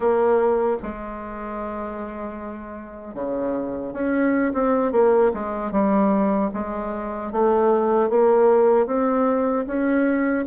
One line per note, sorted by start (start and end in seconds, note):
0.00 0.77 A#3
0.82 3.14 G#3
3.14 3.93 C#3
3.93 4.52 C#4
4.53 4.92 C4
4.92 5.31 A#3
5.33 5.71 G#3
5.71 6.50 G3
6.53 7.32 G#3
7.32 8.09 A3
8.09 8.86 A#3
8.86 9.65 C4
9.66 10.45 C#4